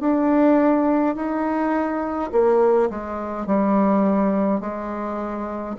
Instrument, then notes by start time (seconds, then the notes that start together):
bassoon
0.00 D4
1.15 D#4
2.32 A#3
2.90 G#3
3.46 G3
4.60 G#3